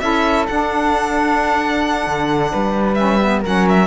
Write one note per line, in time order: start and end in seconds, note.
0.00 0.47 C#4
0.00 0.46 E4
0.00 2.52 A4
0.00 0.45 E5
0.47 2.96 D4
0.47 2.07 D4
0.47 2.94 F#5
2.07 2.52 D3
2.52 3.45 G3
2.52 3.41 B4
2.94 3.19 C#4
2.94 3.40 E5
3.21 3.43 B3
3.41 3.87 F#3
3.41 3.87 C#4
3.41 3.86 A#4
3.41 3.68 F#5
3.69 3.87 E5